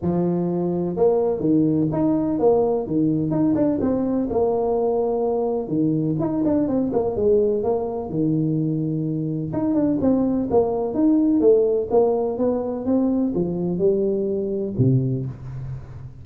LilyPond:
\new Staff \with { instrumentName = "tuba" } { \time 4/4 \tempo 4 = 126 f2 ais4 dis4 | dis'4 ais4 dis4 dis'8 d'8 | c'4 ais2. | dis4 dis'8 d'8 c'8 ais8 gis4 |
ais4 dis2. | dis'8 d'8 c'4 ais4 dis'4 | a4 ais4 b4 c'4 | f4 g2 c4 | }